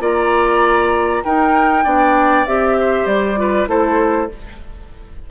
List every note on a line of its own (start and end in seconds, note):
0.00 1.22 A#3
0.00 1.23 F4
0.00 1.24 D5
0.00 1.24 A#5
1.24 1.84 D#4
1.24 1.85 D#4
1.24 1.84 A#4
1.24 2.46 G5
1.84 2.46 B3
1.84 2.46 D4
1.84 2.76 D5
2.46 3.06 C4
2.46 3.37 G4
2.46 3.06 E5
2.80 3.40 C5
3.06 3.67 G3
3.06 3.67 D5
3.37 3.67 F4
3.37 3.69 B4
3.67 4.29 A3
3.67 4.28 E4
3.67 4.30 A4
3.67 4.30 C5